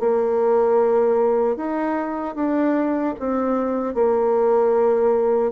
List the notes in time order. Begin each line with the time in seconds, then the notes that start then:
0.00 A#3
1.57 D#4
2.36 D4
3.20 C4
3.95 A#3